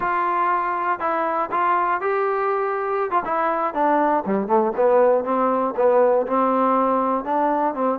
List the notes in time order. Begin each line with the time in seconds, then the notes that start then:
0.00 F4
0.99 E4
1.51 F4
2.00 G4
3.10 F4
3.25 E4
3.74 D4
4.26 G3
4.47 A3
4.76 B3
5.24 C4
5.76 B3
6.26 C4
7.24 D4
7.74 C4